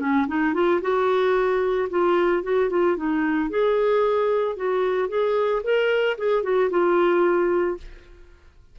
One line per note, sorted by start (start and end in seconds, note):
0.00 0.27 C#4
0.28 0.54 D#4
0.54 0.81 F4
0.82 1.89 F#4
1.90 2.43 F4
2.43 2.70 F#4
2.70 2.97 F4
2.97 3.50 D#4
3.50 4.57 G#4
4.57 5.09 F#4
5.09 5.62 G#4
5.64 6.17 A#4
6.18 6.43 G#4
6.43 6.70 F#4
6.70 7.78 F4